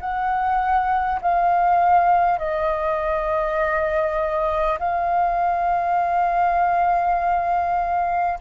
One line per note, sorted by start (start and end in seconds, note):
0.00 1.20 F#5
1.22 2.39 F5
2.39 4.79 D#5
4.79 8.39 F5